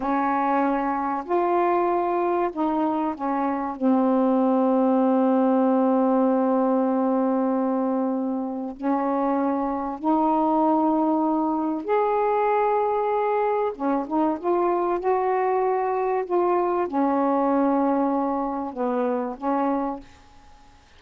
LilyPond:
\new Staff \with { instrumentName = "saxophone" } { \time 4/4 \tempo 4 = 96 cis'2 f'2 | dis'4 cis'4 c'2~ | c'1~ | c'2 cis'2 |
dis'2. gis'4~ | gis'2 cis'8 dis'8 f'4 | fis'2 f'4 cis'4~ | cis'2 b4 cis'4 | }